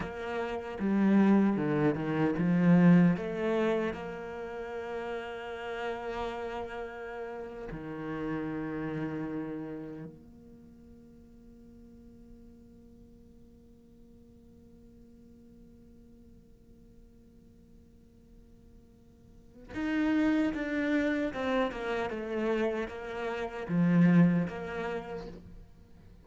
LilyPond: \new Staff \with { instrumentName = "cello" } { \time 4/4 \tempo 4 = 76 ais4 g4 d8 dis8 f4 | a4 ais2.~ | ais4.~ ais16 dis2~ dis16~ | dis8. ais2.~ ais16~ |
ais1~ | ais1~ | ais4 dis'4 d'4 c'8 ais8 | a4 ais4 f4 ais4 | }